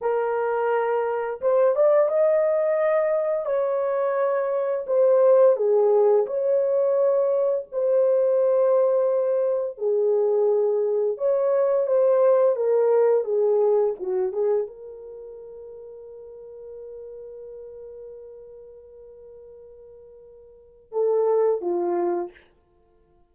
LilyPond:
\new Staff \with { instrumentName = "horn" } { \time 4/4 \tempo 4 = 86 ais'2 c''8 d''8 dis''4~ | dis''4 cis''2 c''4 | gis'4 cis''2 c''4~ | c''2 gis'2 |
cis''4 c''4 ais'4 gis'4 | fis'8 gis'8 ais'2.~ | ais'1~ | ais'2 a'4 f'4 | }